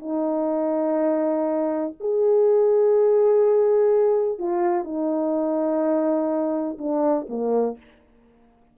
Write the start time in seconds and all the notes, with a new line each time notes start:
0.00 D#4
2.00 G#4
4.39 F4
4.85 D#4
6.79 D4
7.29 A#3